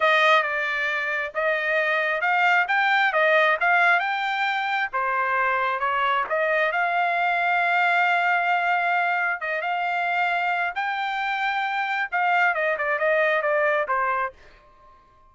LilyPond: \new Staff \with { instrumentName = "trumpet" } { \time 4/4 \tempo 4 = 134 dis''4 d''2 dis''4~ | dis''4 f''4 g''4 dis''4 | f''4 g''2 c''4~ | c''4 cis''4 dis''4 f''4~ |
f''1~ | f''4 dis''8 f''2~ f''8 | g''2. f''4 | dis''8 d''8 dis''4 d''4 c''4 | }